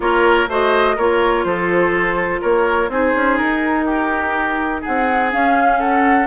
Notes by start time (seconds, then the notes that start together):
0.00 A#3 F4 A#4 C#5
0.48 A3 F#4 C5 D#5
0.96 A#3 F4 A#4 C#5
1.44 F3 A4 C5
2.41 A#3 A#4 C#5
2.88 C4 D#4 G#4 C5
3.15 C#4
3.37 D#4 A#4
3.85 G4
4.81 G#4 F#5
4.87 C4
5.31 C#4 F5
5.78 A4 F#5